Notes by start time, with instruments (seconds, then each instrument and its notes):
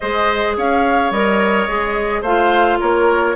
0.00 bassoon G#3, clarinet G#4, oboe C5, flute D#5
0.57 bassoon C#4, oboe C#5, flute F5
1.10 bassoon G3, clarinet A#4, flute D#5
1.68 bassoon G#3, clarinet G#4
2.21 bassoon A3, clarinet F4, oboe C5, flute F5
2.79 bassoon A#3, oboe A#4, flute C#5